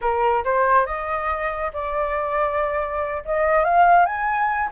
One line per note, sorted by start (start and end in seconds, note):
0.01 0.43 A#4
0.44 0.86 C5
0.86 1.71 D#5
1.73 3.23 D5
3.25 3.64 D#5
3.64 4.05 F5
4.05 4.69 G#5